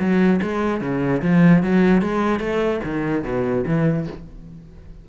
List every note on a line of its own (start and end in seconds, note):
0.00 0.41 F#3
0.42 0.81 G#3
0.81 1.22 C#3
1.22 1.63 F3
1.63 2.02 F#3
2.02 2.40 G#3
2.40 2.81 A3
2.84 3.24 D#3
3.24 3.65 B2
3.67 4.07 E3